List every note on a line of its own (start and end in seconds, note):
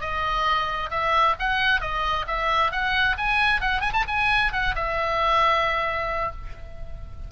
0.00 0.90 D#5
0.90 1.35 E5
1.39 1.80 F#5
1.80 2.25 D#5
2.27 2.72 E5
2.72 3.16 F#5
3.17 3.60 G#5
3.60 3.81 F#5
3.81 3.92 G#5
3.93 4.04 A5
4.07 4.52 G#5
4.52 4.75 F#5
4.75 6.31 E5